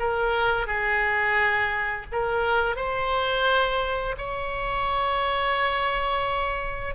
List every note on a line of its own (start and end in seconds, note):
0.00 0.67 A#4
0.67 2.06 G#4
2.12 2.76 A#4
2.76 4.15 C5
4.18 6.95 C#5